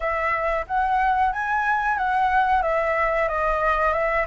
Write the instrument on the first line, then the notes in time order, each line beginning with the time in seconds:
flute
0.00 E5
0.67 F#5
1.32 G#5
1.98 F#5
2.62 E5
3.28 D#5
3.93 E5